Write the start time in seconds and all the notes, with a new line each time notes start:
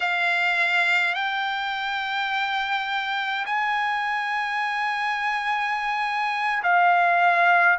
0.00 F5
1.14 G5
3.45 G#5
6.63 F5